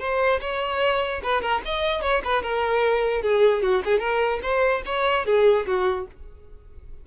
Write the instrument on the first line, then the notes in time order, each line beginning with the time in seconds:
violin
0.00 C5
0.41 C#5
1.24 B4
1.42 A#4
1.66 D#5
2.02 C#5
2.25 B4
2.43 A#4
3.23 G#4
3.63 F#4
3.85 G#4
4.00 A#4
4.43 C5
4.86 C#5
5.26 G#4
5.67 F#4